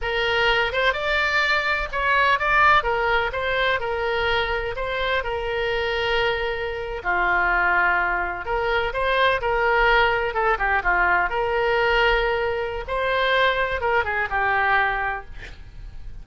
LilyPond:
\new Staff \with { instrumentName = "oboe" } { \time 4/4 \tempo 4 = 126 ais'4. c''8 d''2 | cis''4 d''4 ais'4 c''4 | ais'2 c''4 ais'4~ | ais'2~ ais'8. f'4~ f'16~ |
f'4.~ f'16 ais'4 c''4 ais'16~ | ais'4.~ ais'16 a'8 g'8 f'4 ais'16~ | ais'2. c''4~ | c''4 ais'8 gis'8 g'2 | }